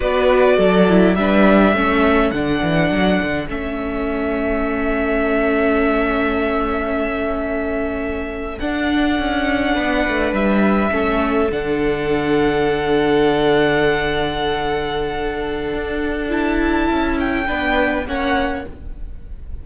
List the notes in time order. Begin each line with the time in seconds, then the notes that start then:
0.00 B3 F#4 B4 D5
0.56 F#3 A4
0.88 E4
1.15 G3 D4 B4 E5
1.73 A3 C#4 A4
2.30 D3 D4 F#5
2.61 E3
2.90 F#3
3.22 D3
3.47 A3 C#4 E5
8.58 D4 F#5
9.19 C#4
9.74 B3 B4
10.08 A3
10.32 G3 E5
10.91 A3 C#4 A4
11.51 D3 D4 F#5
15.73 D4
16.29 E4 A5
16.90 C#4
17.19 G5
17.47 B3 D4 B4
18.06 A#3 C#4 C#5 F#5